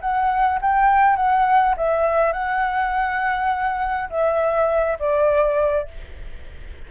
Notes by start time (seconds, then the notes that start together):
0.00 F#5
0.61 G5
1.16 F#5
1.76 E5
2.32 F#5
4.10 E5
4.99 D5